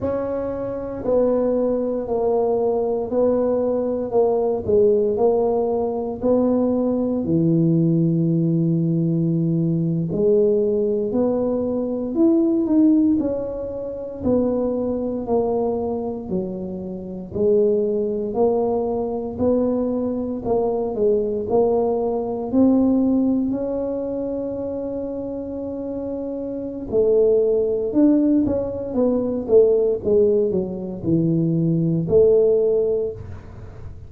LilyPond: \new Staff \with { instrumentName = "tuba" } { \time 4/4 \tempo 4 = 58 cis'4 b4 ais4 b4 | ais8 gis8 ais4 b4 e4~ | e4.~ e16 gis4 b4 e'16~ | e'16 dis'8 cis'4 b4 ais4 fis16~ |
fis8. gis4 ais4 b4 ais16~ | ais16 gis8 ais4 c'4 cis'4~ cis'16~ | cis'2 a4 d'8 cis'8 | b8 a8 gis8 fis8 e4 a4 | }